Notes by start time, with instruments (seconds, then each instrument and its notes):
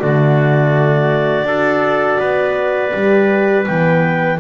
0.00 double bass D3, horn A3, trumpet F#4, clarinet D5
1.45 double bass D4, horn F#4, trumpet A4
2.19 double bass B3, trumpet B4
2.93 double bass G3, horn G4
3.66 double bass E3, horn B3, clarinet G5